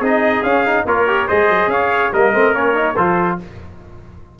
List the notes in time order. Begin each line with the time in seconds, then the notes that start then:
0.00 C4 D#4 G#4 D#5
0.42 C#4 F5
0.66 D#4
0.85 A#3 F4 A#4 C#5
1.07 G4
1.27 G#3 G#4 C5 D#5
1.49 F#3
1.67 C#4 C#5 F5
2.13 G3 A#3 A#4 D#5
2.33 A3 C4
2.54 A#3 C#4 C#5
2.74 D#4
2.96 F3 F4 A4 C5